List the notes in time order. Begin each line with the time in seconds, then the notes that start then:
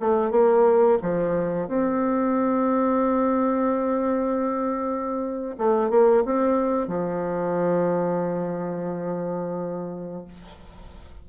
0.00 A3
0.31 A#3
1.02 F3
1.68 C4
5.58 A3
5.90 A#3
6.25 C4
6.88 F3